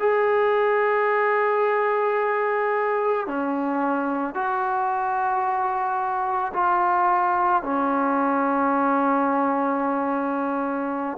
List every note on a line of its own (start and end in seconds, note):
0.00 3.27 G#4
3.27 4.35 C#4
4.35 6.53 F#4
6.54 7.63 F4
7.64 11.18 C#4